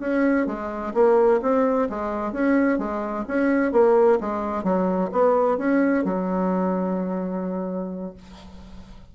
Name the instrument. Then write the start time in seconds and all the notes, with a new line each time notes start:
bassoon
0.00 C#4
0.47 G#3
0.94 A#3
1.42 C4
1.90 G#3
2.33 C#4
2.79 G#3
3.28 C#4
3.72 A#3
4.21 G#3
4.64 F#3
5.12 B3
5.58 C#4
6.05 F#3